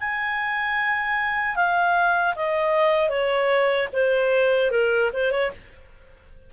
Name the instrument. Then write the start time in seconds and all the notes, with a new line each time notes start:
clarinet
0.00 G#5
1.55 F5
2.35 D#5
3.09 C#5
3.93 C5
4.71 A#4
5.13 C5
5.31 C#5